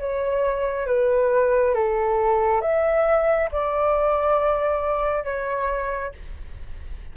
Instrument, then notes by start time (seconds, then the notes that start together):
flute
0.00 C#5
0.87 B4
1.75 A4
2.61 E5
3.52 D5
5.25 C#5